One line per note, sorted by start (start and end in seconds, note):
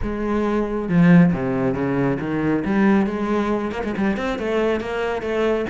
0.02 0.88 G#3
0.88 1.32 F3
1.33 1.74 C3
1.74 2.18 C#3
2.20 2.64 D#3
2.65 3.06 G3
3.06 3.71 G#3
3.71 3.82 A#3
3.84 3.95 G#3
3.96 4.16 G3
4.16 4.38 C4
4.38 4.80 A3
4.80 5.22 A#3
5.22 5.65 A3